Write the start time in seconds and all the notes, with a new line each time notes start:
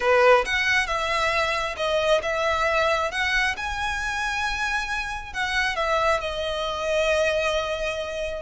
0.00 B4
0.45 F#5
0.86 E5
1.77 D#5
2.22 E5
3.11 F#5
3.57 G#5
5.33 F#5
5.76 E5
6.20 D#5